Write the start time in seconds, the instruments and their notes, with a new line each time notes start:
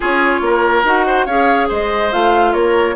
0.00 bassoon C#4, clarinet F4, oboe G#4, flute C#5
0.41 bassoon A#3, oboe A#4
0.83 bassoon D#4, clarinet F#4, flute F#5
1.06 oboe C5
1.25 bassoon C#4, clarinet G#4, oboe C#5, flute F5
1.68 bassoon G#3, oboe C5, flute D#5
2.11 bassoon A3, clarinet F4, flute F5
2.52 bassoon A#3, oboe A#4, flute C#5